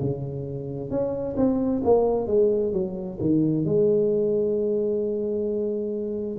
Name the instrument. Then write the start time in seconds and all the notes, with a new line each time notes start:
tuba
0.00 C#3
0.90 C#4
1.37 C4
1.84 A#3
2.27 G#3
2.73 F#3
3.20 D#3
3.65 G#3